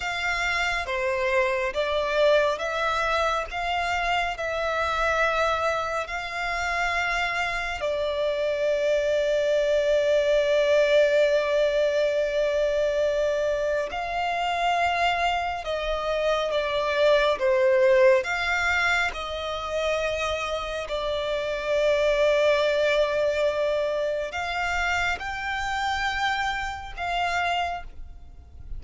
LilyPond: \new Staff \with { instrumentName = "violin" } { \time 4/4 \tempo 4 = 69 f''4 c''4 d''4 e''4 | f''4 e''2 f''4~ | f''4 d''2.~ | d''1 |
f''2 dis''4 d''4 | c''4 f''4 dis''2 | d''1 | f''4 g''2 f''4 | }